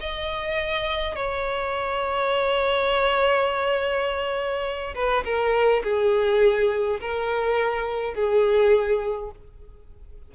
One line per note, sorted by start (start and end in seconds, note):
0.00 1.16 D#5
1.16 4.94 C#5
4.95 5.24 B4
5.25 5.83 A#4
5.84 7.00 G#4
7.01 8.14 A#4
8.14 9.31 G#4